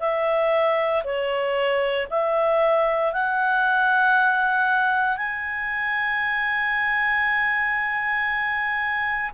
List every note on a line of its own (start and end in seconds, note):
0.00 1.03 E5
1.04 2.07 C#5
2.10 3.13 E5
3.13 5.17 F#5
5.17 9.31 G#5